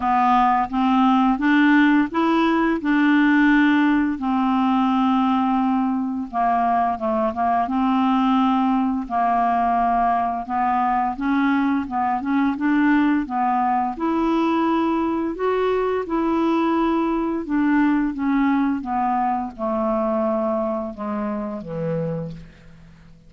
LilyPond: \new Staff \with { instrumentName = "clarinet" } { \time 4/4 \tempo 4 = 86 b4 c'4 d'4 e'4 | d'2 c'2~ | c'4 ais4 a8 ais8 c'4~ | c'4 ais2 b4 |
cis'4 b8 cis'8 d'4 b4 | e'2 fis'4 e'4~ | e'4 d'4 cis'4 b4 | a2 gis4 e4 | }